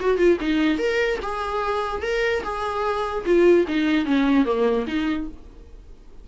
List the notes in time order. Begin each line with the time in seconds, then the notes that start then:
0.00 F#4
0.18 F4
0.40 D#4
0.78 A#4
1.22 G#4
2.02 A#4
2.43 G#4
3.25 F4
3.67 D#4
4.05 C#4
4.45 A#3
4.86 D#4